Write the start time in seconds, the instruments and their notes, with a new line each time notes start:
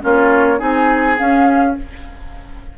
0.00 bassoon A#3, clarinet C#4, oboe F4, flute C#5
0.58 bassoon C4, clarinet D#4, oboe G#4, flute G#5
1.18 clarinet C#4, bassoon C#4, flute F5